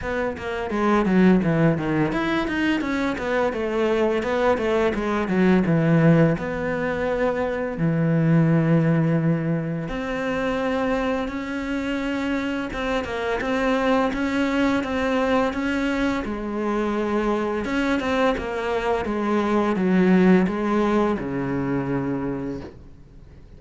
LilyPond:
\new Staff \with { instrumentName = "cello" } { \time 4/4 \tempo 4 = 85 b8 ais8 gis8 fis8 e8 dis8 e'8 dis'8 | cis'8 b8 a4 b8 a8 gis8 fis8 | e4 b2 e4~ | e2 c'2 |
cis'2 c'8 ais8 c'4 | cis'4 c'4 cis'4 gis4~ | gis4 cis'8 c'8 ais4 gis4 | fis4 gis4 cis2 | }